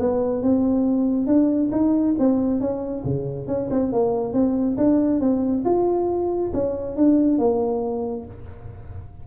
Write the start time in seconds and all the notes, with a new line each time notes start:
0.00 B3
0.43 C4
1.27 D4
1.72 D#4
2.19 C4
2.60 C#4
3.04 C#3
3.48 C#4
3.71 C4
3.93 A#3
4.34 C4
4.77 D4
5.21 C4
5.65 F4
6.54 C#4
6.96 D4
7.39 A#3